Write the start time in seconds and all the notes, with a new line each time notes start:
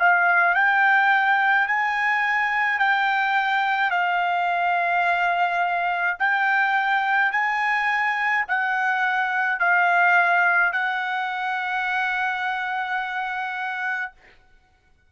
0.00 F5
0.55 G5
1.68 G#5
2.79 G5
3.91 F5
6.20 G5
7.32 G#5
8.48 F#5
9.60 F5
10.73 F#5